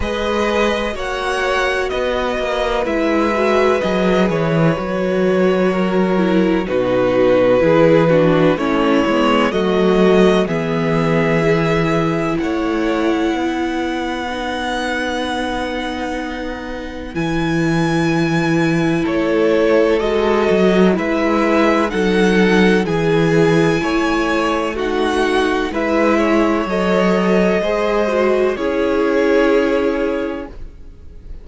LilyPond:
<<
  \new Staff \with { instrumentName = "violin" } { \time 4/4 \tempo 4 = 63 dis''4 fis''4 dis''4 e''4 | dis''8 cis''2~ cis''8 b'4~ | b'4 cis''4 dis''4 e''4~ | e''4 fis''2.~ |
fis''2 gis''2 | cis''4 dis''4 e''4 fis''4 | gis''2 fis''4 e''4 | dis''2 cis''2 | }
  \new Staff \with { instrumentName = "violin" } { \time 4/4 b'4 cis''4 b'2~ | b'2 ais'4 fis'4 | gis'8 fis'8 e'4 fis'4 gis'4~ | gis'4 cis''4 b'2~ |
b'1 | a'2 b'4 a'4 | gis'4 cis''4 fis'4 b'8 cis''8~ | cis''4 c''4 gis'2 | }
  \new Staff \with { instrumentName = "viola" } { \time 4/4 gis'4 fis'2 e'8 fis'8 | gis'4 fis'4. e'8 dis'4 | e'8 d'8 cis'8 b8 a4 b4 | e'2. dis'4~ |
dis'2 e'2~ | e'4 fis'4 e'4 dis'4 | e'2 dis'4 e'4 | a'4 gis'8 fis'8 e'2 | }
  \new Staff \with { instrumentName = "cello" } { \time 4/4 gis4 ais4 b8 ais8 gis4 | fis8 e8 fis2 b,4 | e4 a8 gis8 fis4 e4~ | e4 a4 b2~ |
b2 e2 | a4 gis8 fis8 gis4 fis4 | e4 a2 gis4 | fis4 gis4 cis'2 | }
>>